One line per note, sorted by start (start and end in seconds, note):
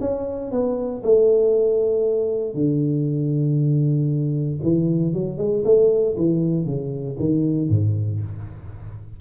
0.00 0.51 C#4
0.51 1.03 B3
1.03 2.54 A3
2.54 4.59 D3
4.62 5.13 E3
5.13 5.38 F#3
5.38 5.63 G#3
5.64 6.16 A3
6.17 6.65 E3
6.65 7.17 C#3
7.19 7.69 D#3
7.69 8.21 G#2